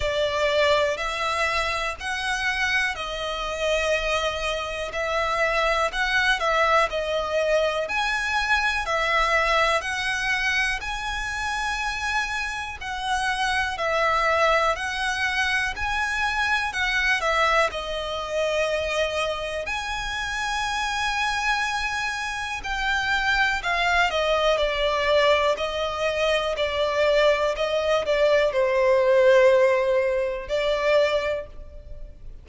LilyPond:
\new Staff \with { instrumentName = "violin" } { \time 4/4 \tempo 4 = 61 d''4 e''4 fis''4 dis''4~ | dis''4 e''4 fis''8 e''8 dis''4 | gis''4 e''4 fis''4 gis''4~ | gis''4 fis''4 e''4 fis''4 |
gis''4 fis''8 e''8 dis''2 | gis''2. g''4 | f''8 dis''8 d''4 dis''4 d''4 | dis''8 d''8 c''2 d''4 | }